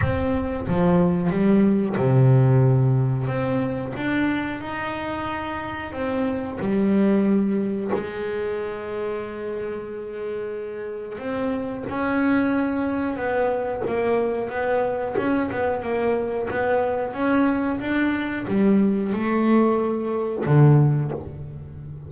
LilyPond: \new Staff \with { instrumentName = "double bass" } { \time 4/4 \tempo 4 = 91 c'4 f4 g4 c4~ | c4 c'4 d'4 dis'4~ | dis'4 c'4 g2 | gis1~ |
gis4 c'4 cis'2 | b4 ais4 b4 cis'8 b8 | ais4 b4 cis'4 d'4 | g4 a2 d4 | }